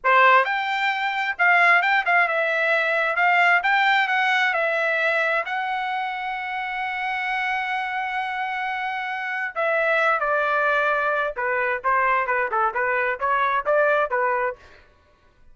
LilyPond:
\new Staff \with { instrumentName = "trumpet" } { \time 4/4 \tempo 4 = 132 c''4 g''2 f''4 | g''8 f''8 e''2 f''4 | g''4 fis''4 e''2 | fis''1~ |
fis''1~ | fis''4 e''4. d''4.~ | d''4 b'4 c''4 b'8 a'8 | b'4 cis''4 d''4 b'4 | }